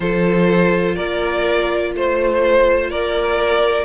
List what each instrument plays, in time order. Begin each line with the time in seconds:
0.00 cello F3, viola F4, violin A4 C5
0.95 cello A#3, violin A#4 D5
1.94 cello A3, violin C5
2.90 cello A#3, violin A#4 D5